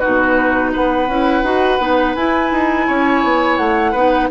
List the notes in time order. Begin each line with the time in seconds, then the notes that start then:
0.00 D#4 F#4 B4
0.06 B2
0.73 B3 B4 F#5
1.08 C#4 E4
1.43 D#4 F#4
1.80 B3 D#4
2.16 E4 G#5
2.52 D#4
2.88 C#4 C#5
3.24 B3
3.57 A3 F#5
3.92 B3 D#4 B4